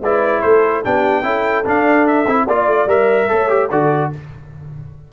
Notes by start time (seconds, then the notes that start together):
0.00 G#3 E4 B4 D5
0.41 A3 A4 C5
0.82 B3 D4 G4 G5
1.23 C#4 E4 A4
1.64 D4 F5
2.06 E5
2.26 C4 E4
2.45 A#3 F4 D5
2.66 A3
2.86 G3 A#4 E5
3.28 A3 A4 C#5
3.49 G4
3.69 D3 F#4 A4 D5